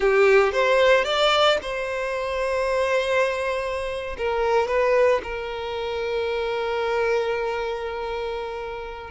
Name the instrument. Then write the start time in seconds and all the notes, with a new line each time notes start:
violin
0.00 G4
0.52 C5
1.04 D5
1.62 C5
4.17 A#4
4.67 B4
5.23 A#4